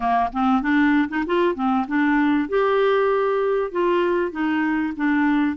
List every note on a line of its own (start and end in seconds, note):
0.00 0.29 A#3
0.32 0.62 C4
0.62 1.08 D4
1.09 1.24 D#4
1.26 1.55 F4
1.55 1.86 C4
1.87 2.49 D4
2.49 3.71 G4
3.71 4.31 F4
4.31 4.93 D#4
4.96 5.56 D4